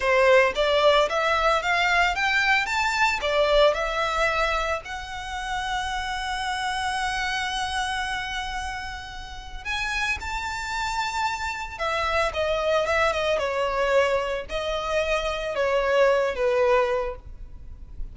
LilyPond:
\new Staff \with { instrumentName = "violin" } { \time 4/4 \tempo 4 = 112 c''4 d''4 e''4 f''4 | g''4 a''4 d''4 e''4~ | e''4 fis''2.~ | fis''1~ |
fis''2 gis''4 a''4~ | a''2 e''4 dis''4 | e''8 dis''8 cis''2 dis''4~ | dis''4 cis''4. b'4. | }